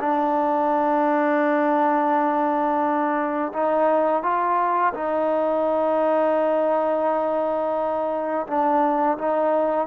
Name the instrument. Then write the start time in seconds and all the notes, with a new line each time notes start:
trombone
0.00 D4
3.53 D#4
4.23 F4
4.94 D#4
8.47 D4
9.18 D#4